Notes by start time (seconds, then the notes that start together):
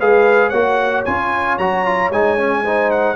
0.00 G#3 G#4 B4 F5
0.50 A#3 F#4 C#5 F#5
1.05 C#4 F4 G#5
1.58 F#3 F#4 A#5
1.86 F4
2.10 G#3 D#4 G#5
2.38 C#4
2.64 D#4 C5
2.91 F#5